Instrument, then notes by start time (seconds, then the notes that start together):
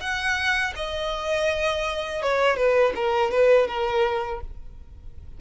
violin
0.00 F#5
0.75 D#5
2.22 C#5
2.56 B4
2.95 A#4
3.31 B4
3.68 A#4